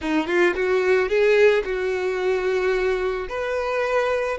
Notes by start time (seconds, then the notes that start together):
0.01 D#4
0.27 F4
0.55 F#4
1.08 G#4
1.64 F#4
3.29 B4